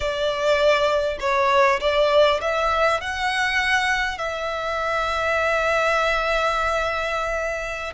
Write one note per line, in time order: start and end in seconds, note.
0.00 1.18 D5
1.20 1.80 C#5
1.80 2.40 D5
2.41 3.00 E5
3.00 4.18 F#5
4.18 7.93 E5